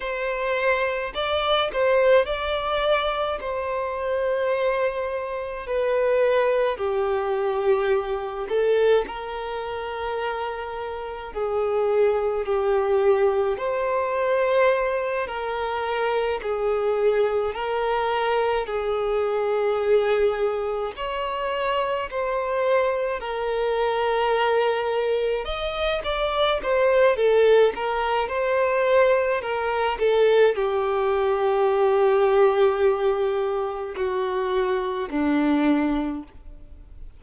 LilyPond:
\new Staff \with { instrumentName = "violin" } { \time 4/4 \tempo 4 = 53 c''4 d''8 c''8 d''4 c''4~ | c''4 b'4 g'4. a'8 | ais'2 gis'4 g'4 | c''4. ais'4 gis'4 ais'8~ |
ais'8 gis'2 cis''4 c''8~ | c''8 ais'2 dis''8 d''8 c''8 | a'8 ais'8 c''4 ais'8 a'8 g'4~ | g'2 fis'4 d'4 | }